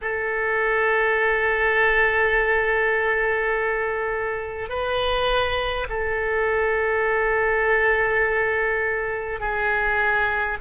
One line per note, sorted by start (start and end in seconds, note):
0.01 4.68 A4
4.68 5.86 B4
5.89 9.40 A4
9.40 10.57 G#4